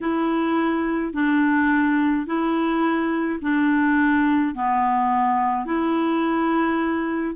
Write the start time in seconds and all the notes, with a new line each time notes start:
0.00 E4
1.13 D4
2.26 E4
3.41 D4
4.54 B3
5.65 E4